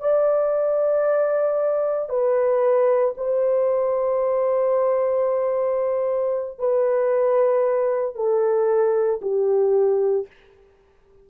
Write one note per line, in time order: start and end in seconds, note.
0.00 2.09 D5
2.09 3.14 B4
3.17 6.59 C5
6.59 8.15 B4
8.15 9.21 A4
9.22 10.27 G4